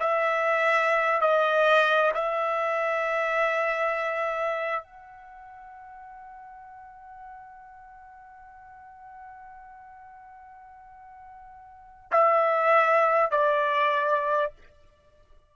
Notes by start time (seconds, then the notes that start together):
0.00 E5
1.21 D#5
2.14 E5
4.84 F#5
12.12 E5
13.31 D5